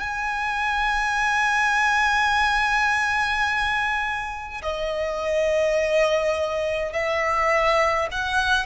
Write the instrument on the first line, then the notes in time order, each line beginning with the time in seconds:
violin
0.00 G#5
4.62 D#5
6.93 E5
8.11 F#5